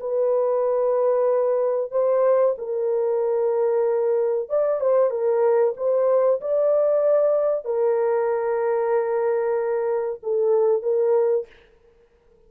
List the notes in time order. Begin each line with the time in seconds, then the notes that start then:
0.00 B4
1.91 C5
2.58 A#4
4.49 D5
4.80 C5
5.10 A#4
5.77 C5
6.41 D5
7.65 A#4
10.23 A4
10.82 A#4